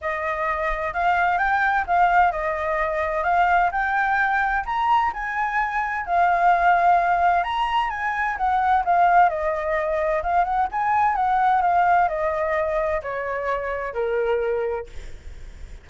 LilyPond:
\new Staff \with { instrumentName = "flute" } { \time 4/4 \tempo 4 = 129 dis''2 f''4 g''4 | f''4 dis''2 f''4 | g''2 ais''4 gis''4~ | gis''4 f''2. |
ais''4 gis''4 fis''4 f''4 | dis''2 f''8 fis''8 gis''4 | fis''4 f''4 dis''2 | cis''2 ais'2 | }